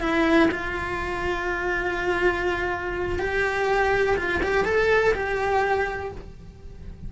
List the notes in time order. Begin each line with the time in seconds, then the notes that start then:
0.00 E4
0.51 F4
3.19 G4
4.17 F4
4.43 G4
4.65 A4
5.14 G4